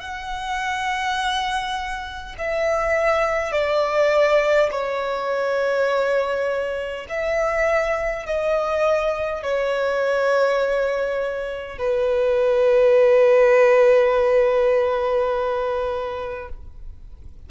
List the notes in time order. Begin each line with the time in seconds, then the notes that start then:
0.00 F#5
2.38 E5
3.52 D5
4.71 C#5
7.09 E5
8.26 D#5
9.43 C#5
11.78 B4